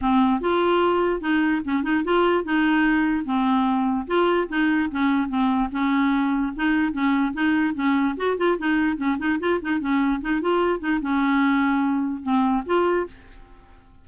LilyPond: \new Staff \with { instrumentName = "clarinet" } { \time 4/4 \tempo 4 = 147 c'4 f'2 dis'4 | cis'8 dis'8 f'4 dis'2 | c'2 f'4 dis'4 | cis'4 c'4 cis'2 |
dis'4 cis'4 dis'4 cis'4 | fis'8 f'8 dis'4 cis'8 dis'8 f'8 dis'8 | cis'4 dis'8 f'4 dis'8 cis'4~ | cis'2 c'4 f'4 | }